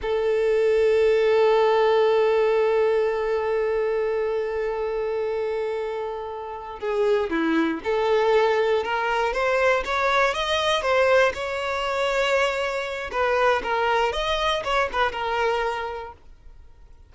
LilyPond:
\new Staff \with { instrumentName = "violin" } { \time 4/4 \tempo 4 = 119 a'1~ | a'1~ | a'1~ | a'4. gis'4 e'4 a'8~ |
a'4. ais'4 c''4 cis''8~ | cis''8 dis''4 c''4 cis''4.~ | cis''2 b'4 ais'4 | dis''4 cis''8 b'8 ais'2 | }